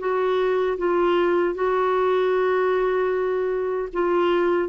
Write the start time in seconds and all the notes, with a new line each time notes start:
0.00 F#4
0.78 F4
1.55 F#4
3.93 F4